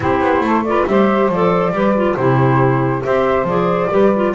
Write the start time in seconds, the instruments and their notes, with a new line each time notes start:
0.00 double bass C4, clarinet E4, saxophone G4, flute C5
0.20 double bass B3
0.40 double bass A3, saxophone A4
0.64 clarinet F4, saxophone B4, flute D5
0.86 double bass G3, clarinet G4, saxophone C5, flute E5
1.29 double bass F3, clarinet A4, flute D5
1.71 double bass G3, clarinet G4, saxophone B4
1.96 clarinet F4
2.16 double bass C3, clarinet E4, saxophone G4, flute C5
3.02 double bass C4, clarinet G4, saxophone C5, flute E5
3.43 double bass F3, clarinet G#4, flute D5
3.90 double bass G3, clarinet G4, saxophone B4
4.15 clarinet F4